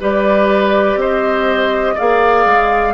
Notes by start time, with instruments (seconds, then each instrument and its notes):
0.00 bassoon G3, clarinet G4, oboe B4, flute D5
0.95 bassoon C4, oboe C5, flute D#5
1.94 bassoon A#3, clarinet G#4, oboe D5, flute F5
2.45 bassoon G#3